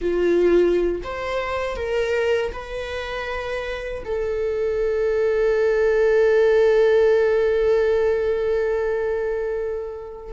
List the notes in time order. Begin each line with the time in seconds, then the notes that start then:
0.01 F4
1.03 C5
1.76 A#4
2.52 B4
4.05 A4